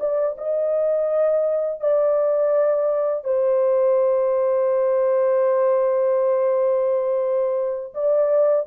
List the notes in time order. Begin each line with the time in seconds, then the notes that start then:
0.00 D5
0.38 D#5
1.81 D5
3.24 C5
7.95 D5